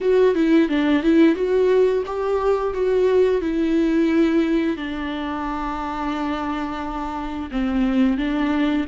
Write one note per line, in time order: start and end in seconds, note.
0.01 0.34 F#4
0.34 0.68 E4
0.68 1.02 D4
1.02 1.35 E4
1.35 2.03 F#4
2.05 2.73 G4
2.73 3.41 F#4
3.41 4.77 E4
4.77 7.49 D4
7.51 8.17 C4
8.17 8.85 D4